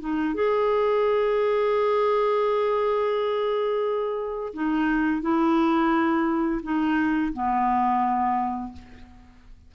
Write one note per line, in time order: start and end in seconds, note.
0.00 0.35 D#4
0.35 4.53 G#4
4.53 5.22 D#4
5.22 6.61 E4
6.63 7.33 D#4
7.33 8.73 B3